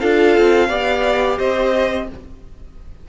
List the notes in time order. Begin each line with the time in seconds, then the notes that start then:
0.00 D4 F4 A4 F5
0.37 C4
0.68 B3 G4 D5
1.38 C4 C5 D#5